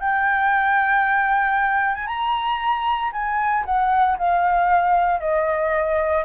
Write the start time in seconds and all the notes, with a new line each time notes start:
0.00 G5
1.95 G#5
2.07 A#5
3.12 G#5
3.65 F#5
4.18 F5
5.20 D#5